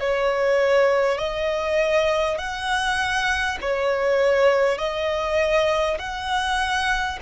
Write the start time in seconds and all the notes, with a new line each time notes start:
0.00 C#5
1.18 D#5
2.38 F#5
3.62 C#5
4.78 D#5
5.99 F#5